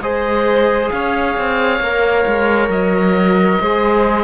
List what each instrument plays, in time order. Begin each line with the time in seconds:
0.00 cello G#3, trombone G#4, violin C5, oboe D#5
0.90 cello C#4, violin C#5, oboe F5
1.37 cello C4
1.80 cello A#3, trombone A#4
2.26 cello G#3
2.69 cello F#3, oboe D#5
3.61 cello G#3, trombone G#4, violin C5